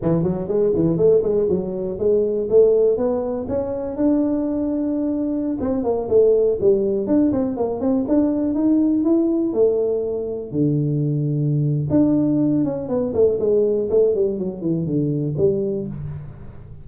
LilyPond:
\new Staff \with { instrumentName = "tuba" } { \time 4/4 \tempo 4 = 121 e8 fis8 gis8 e8 a8 gis8 fis4 | gis4 a4 b4 cis'4 | d'2.~ d'16 c'8 ais16~ | ais16 a4 g4 d'8 c'8 ais8 c'16~ |
c'16 d'4 dis'4 e'4 a8.~ | a4~ a16 d2~ d8. | d'4. cis'8 b8 a8 gis4 | a8 g8 fis8 e8 d4 g4 | }